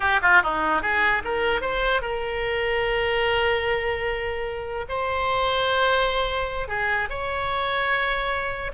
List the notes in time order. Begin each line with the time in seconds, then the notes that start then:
0.00 G4
0.22 F4
0.43 D#4
0.82 G#4
1.24 A#4
1.61 C5
2.01 A#4
4.89 C5
6.68 G#4
7.09 C#5